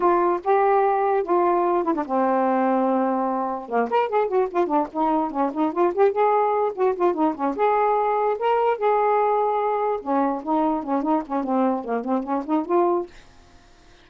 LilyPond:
\new Staff \with { instrumentName = "saxophone" } { \time 4/4 \tempo 4 = 147 f'4 g'2 f'4~ | f'8 e'16 d'16 c'2.~ | c'4 ais8 ais'8 gis'8 fis'8 f'8 d'8 | dis'4 cis'8 dis'8 f'8 g'8 gis'4~ |
gis'8 fis'8 f'8 dis'8 cis'8 gis'4.~ | gis'8 ais'4 gis'2~ gis'8~ | gis'8 cis'4 dis'4 cis'8 dis'8 cis'8 | c'4 ais8 c'8 cis'8 dis'8 f'4 | }